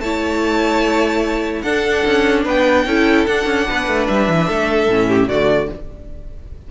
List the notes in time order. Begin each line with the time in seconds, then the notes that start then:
0.00 A3 E4 C#5 A5
1.62 D4 A4 F#5
2.06 C#4
2.44 B3 B4 G5
2.86 C#4 E4 A4
3.26 D4 F#5
3.46 C#4
3.69 B3 B4
3.87 A3
4.08 G3 E5
4.28 E3
4.48 A3 A4
4.87 A2 C#4
5.08 G4
5.28 D3 A3 F#4 D5